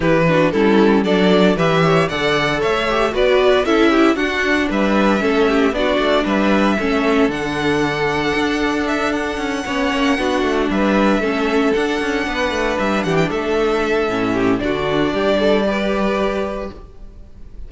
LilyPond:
<<
  \new Staff \with { instrumentName = "violin" } { \time 4/4 \tempo 4 = 115 b'4 a'4 d''4 e''4 | fis''4 e''4 d''4 e''4 | fis''4 e''2 d''4 | e''2 fis''2~ |
fis''4 e''8 fis''2~ fis''8~ | fis''8 e''2 fis''4.~ | fis''8 e''8 fis''16 g''16 e''2~ e''8 | d''1 | }
  \new Staff \with { instrumentName = "violin" } { \time 4/4 g'8 fis'8 e'4 a'4 b'8 cis''8 | d''4 cis''4 b'4 a'8 g'8 | fis'4 b'4 a'8 g'8 fis'4 | b'4 a'2.~ |
a'2~ a'8 cis''4 fis'8~ | fis'8 b'4 a'2 b'8~ | b'4 g'8 a'2 g'8 | fis'4 g'8 a'8 b'2 | }
  \new Staff \with { instrumentName = "viola" } { \time 4/4 e'8 d'8 cis'4 d'4 g'4 | a'4. g'8 fis'4 e'4 | d'2 cis'4 d'4~ | d'4 cis'4 d'2~ |
d'2~ d'8 cis'4 d'8~ | d'4. cis'4 d'4.~ | d'2. cis'4 | d'2 g'2 | }
  \new Staff \with { instrumentName = "cello" } { \time 4/4 e4 g4 fis4 e4 | d4 a4 b4 cis'4 | d'4 g4 a4 b8 a8 | g4 a4 d2 |
d'2 cis'8 b8 ais8 b8 | a8 g4 a4 d'8 cis'8 b8 | a8 g8 e8 a4. a,4 | d4 g2. | }
>>